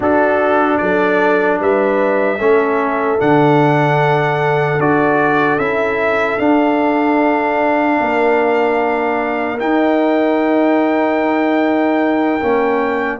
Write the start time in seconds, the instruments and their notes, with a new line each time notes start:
0.00 tuba D4, trombone D4, horn F#4, trumpet A4
0.77 tuba F#3, horn A4, trumpet D5
1.59 tuba G3, horn B4, trumpet E5
2.38 tuba A3, trombone C#4, horn A4
3.18 tuba D3, trombone D4, trumpet F#5
4.79 tuba D4, trombone F#4, trumpet D5
5.57 tuba C#4, trombone E4, trumpet E5
6.38 tuba D4, trombone D4, trumpet F5
8.00 tuba A#3, horn A#4
9.59 trombone D#4, tuba D#4, trumpet G5
12.40 tuba A#3, trombone C#4